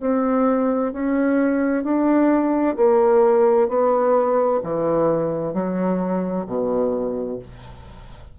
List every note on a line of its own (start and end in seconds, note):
0.00 0.92 C4
0.92 1.83 C#4
1.83 2.76 D4
2.76 3.68 A#3
3.68 4.60 B3
4.63 5.53 E3
5.53 6.46 F#3
6.46 7.38 B2